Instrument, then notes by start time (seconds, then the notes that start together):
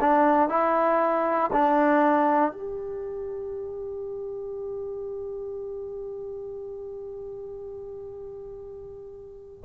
trombone
0.00 D4
0.49 E4
1.53 D4
2.51 G4